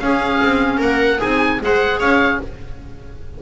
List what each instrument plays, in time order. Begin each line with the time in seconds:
0.00 clarinet C#4, double bass C#4, viola G#4, oboe F5
0.43 double bass C4
0.78 double bass A#3, viola A#4, oboe F#5
1.18 double bass C4, clarinet D#4, viola G#4, oboe G#5
1.61 double bass G#3, clarinet G#4, viola C5, oboe F#5
1.99 double bass C#4, viola C#5, oboe F5